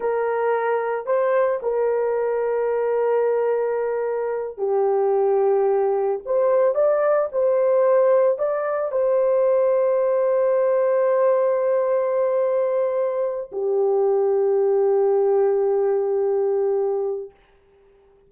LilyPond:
\new Staff \with { instrumentName = "horn" } { \time 4/4 \tempo 4 = 111 ais'2 c''4 ais'4~ | ais'1~ | ais'8 g'2. c''8~ | c''8 d''4 c''2 d''8~ |
d''8 c''2.~ c''8~ | c''1~ | c''4 g'2.~ | g'1 | }